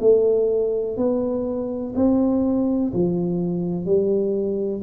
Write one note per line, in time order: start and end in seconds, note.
0.00 0.97 A3
0.97 1.94 B3
1.95 2.92 C4
2.93 3.85 F3
3.85 4.82 G3